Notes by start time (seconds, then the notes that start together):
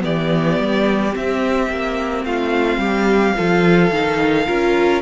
0.00 E3 B3 G4 D5
0.60 G3
1.13 C4 E5
1.70 A#3
2.25 A3 F4 F5
2.78 G3 G4
3.36 F3 F4 A4
3.91 D#3 D#4
4.47 C#4 F4 A#4